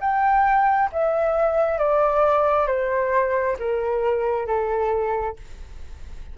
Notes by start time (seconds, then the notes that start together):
0.00 G5
0.92 E5
1.78 D5
2.67 C5
3.59 A#4
4.47 A4